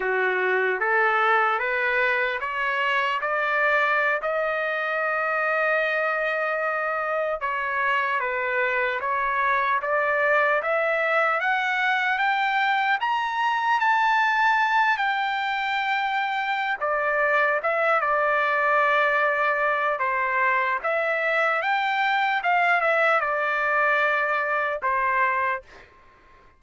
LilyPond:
\new Staff \with { instrumentName = "trumpet" } { \time 4/4 \tempo 4 = 75 fis'4 a'4 b'4 cis''4 | d''4~ d''16 dis''2~ dis''8.~ | dis''4~ dis''16 cis''4 b'4 cis''8.~ | cis''16 d''4 e''4 fis''4 g''8.~ |
g''16 ais''4 a''4. g''4~ g''16~ | g''4 d''4 e''8 d''4.~ | d''4 c''4 e''4 g''4 | f''8 e''8 d''2 c''4 | }